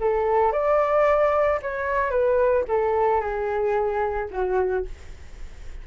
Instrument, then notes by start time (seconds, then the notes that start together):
flute
0.00 A4
0.52 D5
1.62 C#5
2.10 B4
2.68 A4
3.21 G#4
4.31 F#4